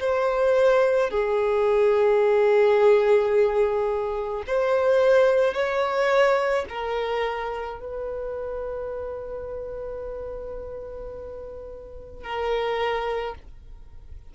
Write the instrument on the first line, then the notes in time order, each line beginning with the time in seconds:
violin
0.00 C5
1.11 G#4
4.47 C5
5.54 C#5
6.69 A#4
7.80 B4
12.24 A#4